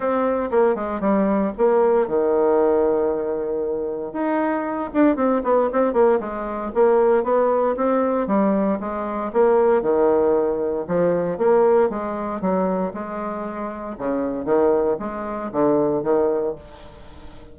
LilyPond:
\new Staff \with { instrumentName = "bassoon" } { \time 4/4 \tempo 4 = 116 c'4 ais8 gis8 g4 ais4 | dis1 | dis'4. d'8 c'8 b8 c'8 ais8 | gis4 ais4 b4 c'4 |
g4 gis4 ais4 dis4~ | dis4 f4 ais4 gis4 | fis4 gis2 cis4 | dis4 gis4 d4 dis4 | }